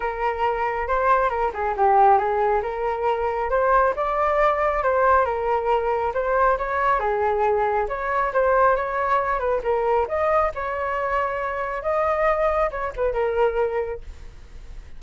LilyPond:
\new Staff \with { instrumentName = "flute" } { \time 4/4 \tempo 4 = 137 ais'2 c''4 ais'8 gis'8 | g'4 gis'4 ais'2 | c''4 d''2 c''4 | ais'2 c''4 cis''4 |
gis'2 cis''4 c''4 | cis''4. b'8 ais'4 dis''4 | cis''2. dis''4~ | dis''4 cis''8 b'8 ais'2 | }